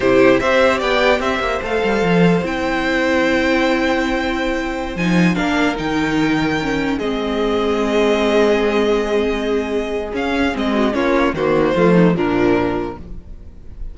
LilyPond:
<<
  \new Staff \with { instrumentName = "violin" } { \time 4/4 \tempo 4 = 148 c''4 e''4 g''4 e''4 | f''2 g''2~ | g''1~ | g''16 gis''4 f''4 g''4.~ g''16~ |
g''4~ g''16 dis''2~ dis''8.~ | dis''1~ | dis''4 f''4 dis''4 cis''4 | c''2 ais'2 | }
  \new Staff \with { instrumentName = "violin" } { \time 4/4 g'4 c''4 d''4 c''4~ | c''1~ | c''1~ | c''4~ c''16 ais'2~ ais'8.~ |
ais'4~ ais'16 gis'2~ gis'8.~ | gis'1~ | gis'2~ gis'8 fis'8 f'4 | fis'4 f'8 dis'8 d'2 | }
  \new Staff \with { instrumentName = "viola" } { \time 4/4 e'4 g'2. | a'2 e'2~ | e'1~ | e'16 dis'4 d'4 dis'4.~ dis'16~ |
dis'16 cis'4 c'2~ c'8.~ | c'1~ | c'4 cis'4 c'4 cis'4 | ais4 a4 f2 | }
  \new Staff \with { instrumentName = "cello" } { \time 4/4 c4 c'4 b4 c'8 ais8 | a8 g8 f4 c'2~ | c'1~ | c'16 f4 ais4 dis4.~ dis16~ |
dis4~ dis16 gis2~ gis8.~ | gis1~ | gis4 cis'4 gis4 ais4 | dis4 f4 ais,2 | }
>>